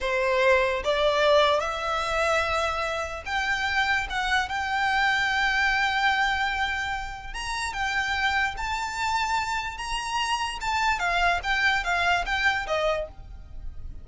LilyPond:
\new Staff \with { instrumentName = "violin" } { \time 4/4 \tempo 4 = 147 c''2 d''2 | e''1 | g''2 fis''4 g''4~ | g''1~ |
g''2 ais''4 g''4~ | g''4 a''2. | ais''2 a''4 f''4 | g''4 f''4 g''4 dis''4 | }